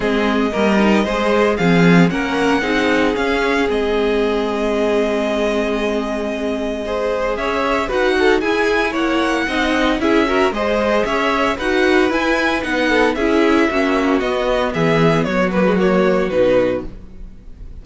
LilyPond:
<<
  \new Staff \with { instrumentName = "violin" } { \time 4/4 \tempo 4 = 114 dis''2. f''4 | fis''2 f''4 dis''4~ | dis''1~ | dis''2 e''4 fis''4 |
gis''4 fis''2 e''4 | dis''4 e''4 fis''4 gis''4 | fis''4 e''2 dis''4 | e''4 cis''8 b'8 cis''4 b'4 | }
  \new Staff \with { instrumentName = "violin" } { \time 4/4 gis'4 ais'4 c''4 gis'4 | ais'4 gis'2.~ | gis'1~ | gis'4 c''4 cis''4 b'8 a'8 |
gis'4 cis''4 dis''4 gis'8 ais'8 | c''4 cis''4 b'2~ | b'8 a'8 gis'4 fis'2 | gis'4 fis'2. | }
  \new Staff \with { instrumentName = "viola" } { \time 4/4 c'4 ais8 dis'8 gis'4 c'4 | cis'4 dis'4 cis'4 c'4~ | c'1~ | c'4 gis'2 fis'4 |
e'2 dis'4 e'8 fis'8 | gis'2 fis'4 e'4 | dis'4 e'4 cis'4 b4~ | b4. ais16 gis16 ais4 dis'4 | }
  \new Staff \with { instrumentName = "cello" } { \time 4/4 gis4 g4 gis4 f4 | ais4 c'4 cis'4 gis4~ | gis1~ | gis2 cis'4 dis'4 |
e'4 ais4 c'4 cis'4 | gis4 cis'4 dis'4 e'4 | b4 cis'4 ais4 b4 | e4 fis2 b,4 | }
>>